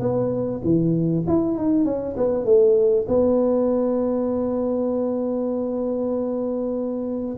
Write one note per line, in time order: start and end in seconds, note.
0.00 0.61 B3
0.64 1.25 E3
1.27 1.58 E4
1.58 1.85 D#4
1.85 2.16 C#4
2.17 2.45 B3
2.45 3.06 A3
3.08 7.37 B3